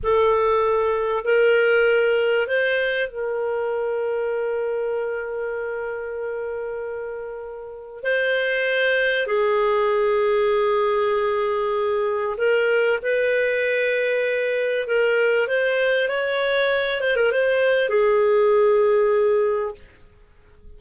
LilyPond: \new Staff \with { instrumentName = "clarinet" } { \time 4/4 \tempo 4 = 97 a'2 ais'2 | c''4 ais'2.~ | ais'1~ | ais'4 c''2 gis'4~ |
gis'1 | ais'4 b'2. | ais'4 c''4 cis''4. c''16 ais'16 | c''4 gis'2. | }